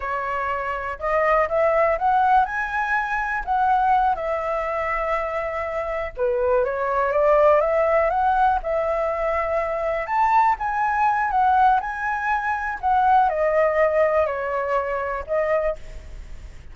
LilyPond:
\new Staff \with { instrumentName = "flute" } { \time 4/4 \tempo 4 = 122 cis''2 dis''4 e''4 | fis''4 gis''2 fis''4~ | fis''8 e''2.~ e''8~ | e''8 b'4 cis''4 d''4 e''8~ |
e''8 fis''4 e''2~ e''8~ | e''8 a''4 gis''4. fis''4 | gis''2 fis''4 dis''4~ | dis''4 cis''2 dis''4 | }